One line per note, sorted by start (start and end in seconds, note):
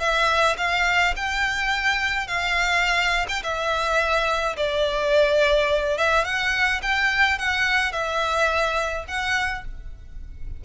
0.00 0.57 E5
0.58 1.14 F5
1.17 2.28 G5
2.28 3.27 F5
3.29 3.43 G5
3.43 4.57 E5
4.57 5.98 D5
5.98 6.25 E5
6.25 6.82 F#5
6.82 7.39 G5
7.39 7.92 F#5
7.92 9.06 E5
9.08 9.65 F#5